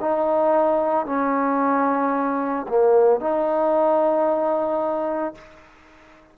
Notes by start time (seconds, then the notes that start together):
0.00 D#4
1.05 C#4
2.68 A#3
3.20 D#4